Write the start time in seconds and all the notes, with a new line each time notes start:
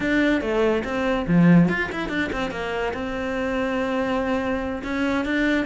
0.00 D4
0.41 A3
0.84 C4
1.27 F3
1.68 F4
1.92 E4
2.08 D4
2.32 C4
2.50 A#3
2.93 C4
4.83 C#4
5.25 D4